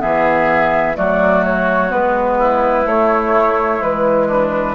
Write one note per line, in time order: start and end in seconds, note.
0.00 0.98 E3
0.00 0.95 B3
0.00 0.97 G#4
0.00 0.97 E5
0.95 1.93 F#3
0.95 1.90 A3
0.95 2.38 F#4
0.95 1.45 D5
1.45 1.92 C#5
1.90 2.86 G#3
1.90 2.85 B3
1.90 2.87 B4
2.38 4.28 E4
2.86 3.81 A3
2.86 3.79 A3
2.86 3.83 C#5
3.79 4.75 E3
3.79 4.74 G#3
3.79 4.75 B4
4.28 4.75 D4